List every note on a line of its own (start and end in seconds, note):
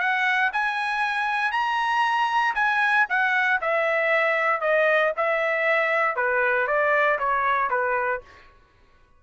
0.00 0.51 F#5
0.53 1.52 G#5
1.52 2.55 A#5
2.55 3.07 G#5
3.10 3.61 F#5
3.62 4.62 E5
4.62 5.13 D#5
5.17 6.16 E5
6.16 6.68 B4
6.68 7.19 D5
7.19 7.70 C#5
7.70 8.22 B4